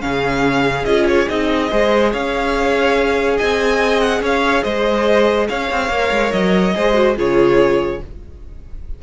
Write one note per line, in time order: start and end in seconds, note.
0.00 0.85 C#3
0.00 0.84 C#4
0.00 1.70 G#4
0.00 0.85 F5
0.85 1.27 C#4
0.85 1.28 F4
0.85 1.06 D#5
1.08 1.28 C#5
1.28 1.71 C4
1.28 1.70 D#4
1.28 2.12 D#5
1.70 2.14 G#3
1.70 5.90 G#4
1.70 2.11 C5
2.11 3.39 C#4
2.11 3.37 C#5
2.11 3.38 F5
3.37 4.20 C4
3.37 4.21 D#5
3.37 4.00 G#5
4.00 4.21 F#5
4.20 4.62 C#4
4.20 4.63 C#5
4.20 4.63 F5
4.63 5.48 G#3
4.63 5.47 C5
4.63 5.47 D#5
5.49 5.71 C#4
5.49 6.75 C#5
5.49 6.32 F5
5.71 5.89 C4
5.89 6.10 A#3
5.89 6.74 A#4
6.11 6.32 G#3
6.32 6.75 F#3
6.32 7.15 D#5
6.74 7.17 G#3
6.74 6.94 G#4
6.74 7.17 C5
6.94 7.15 F#4
7.17 8.01 C#3
7.17 8.01 F4
7.17 8.01 G#4
7.17 8.03 C#5